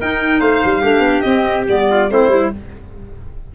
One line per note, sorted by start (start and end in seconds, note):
0.00 0.40 D#4
0.00 0.82 D#4
0.00 0.40 A#4
0.00 0.40 G5
0.40 0.61 A3
0.40 0.81 C5
0.40 1.21 F5
0.64 0.83 G3
0.81 0.99 A3
0.81 1.23 D4
0.81 1.86 G4
0.99 1.20 B3
1.21 1.65 C4
1.21 1.67 C4
1.21 1.63 D#5
1.67 2.10 G3
1.67 2.09 B3
1.67 2.10 D5
1.91 2.12 F4
2.09 2.28 A3
2.09 2.29 C4
2.09 2.55 E4
2.09 2.52 C5
2.28 2.49 G3
2.28 2.50 E4